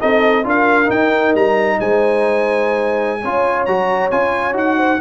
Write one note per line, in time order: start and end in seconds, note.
0.00 0.45 C4
0.00 0.44 D#4
0.00 0.46 A4
0.00 0.45 D#5
0.44 0.89 D4
0.44 0.86 F4
0.44 1.79 A#4
0.44 0.90 F5
0.86 3.19 D#4
0.86 1.34 D#4
0.86 1.35 G5
1.34 1.79 G3
1.34 1.80 A#5
1.80 3.24 G#3
1.80 3.21 C5
1.80 3.66 G#5
3.21 3.67 C#4
3.21 3.67 F4
3.21 4.77 C#5
3.66 4.11 F#3
3.66 4.11 F#4
3.66 4.10 A#5
4.11 4.54 C#4
4.11 4.53 F4
4.11 4.55 G#5
4.53 4.98 D#4
4.53 4.97 F#4
4.53 5.01 F#5
4.77 4.99 C5